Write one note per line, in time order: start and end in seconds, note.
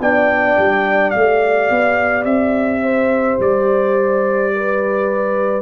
0.00 0.57 B3
0.00 1.14 D4
0.00 2.83 D5
0.00 1.11 G5
0.58 1.15 G3
1.11 1.70 A3
1.11 5.62 G4
1.11 2.24 F5
1.70 2.25 B3
2.25 3.38 C4
2.25 3.38 E5
2.83 4.53 C5
3.40 5.62 G3
3.40 5.62 D5
4.55 5.62 B4